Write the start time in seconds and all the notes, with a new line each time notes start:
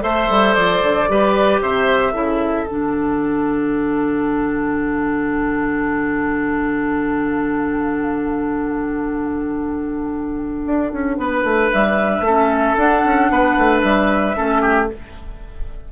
0.00 A3 A4 C5 E5
0.29 G3
0.55 F3 D5
0.83 D3
1.08 G3 G4 B4
1.61 C3 C5 E5
2.13 C#3 E4 A4
2.66 D3 D4 F#5
10.66 D4
10.92 C#4
11.17 B3 B4
11.43 A3
11.72 G3 E5
12.21 A3 C#4 A4
12.77 D4 F#5
13.05 C#4
13.30 B3 B4
13.58 A3
13.81 G3 E5
14.35 A3 C#4 A4
14.61 G4